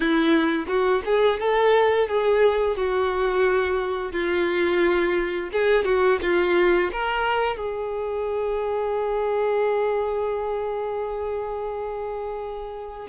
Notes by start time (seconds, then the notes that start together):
0.00 E4
0.67 F#4
1.05 G#4
1.39 A4
2.08 G#4
2.76 F#4
4.12 F4
5.52 G#4
5.84 F#4
6.22 F4
6.92 A#4
7.56 G#4